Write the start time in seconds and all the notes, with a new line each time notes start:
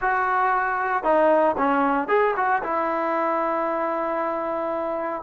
0.01 F#4
1.03 D#4
1.57 C#4
2.08 G#4
2.36 F#4
2.63 E4